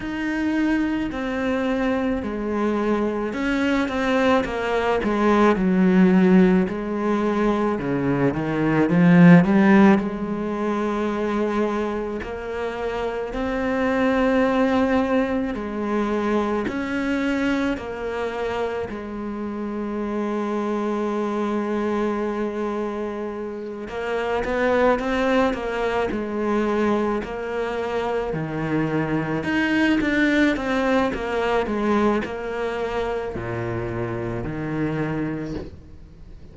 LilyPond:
\new Staff \with { instrumentName = "cello" } { \time 4/4 \tempo 4 = 54 dis'4 c'4 gis4 cis'8 c'8 | ais8 gis8 fis4 gis4 cis8 dis8 | f8 g8 gis2 ais4 | c'2 gis4 cis'4 |
ais4 gis2.~ | gis4. ais8 b8 c'8 ais8 gis8~ | gis8 ais4 dis4 dis'8 d'8 c'8 | ais8 gis8 ais4 ais,4 dis4 | }